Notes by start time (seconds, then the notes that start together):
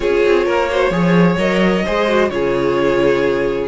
0.00 C#4 F4 G#4 C#5
0.25 C4
0.45 A#3 A#4
0.70 F#4 C5
0.90 F3 G#4 C#5
1.37 F#3 A#4 D#5
1.84 G#3 G#4 C5
2.08 F#4
2.30 C#3 F4 G#4 C#5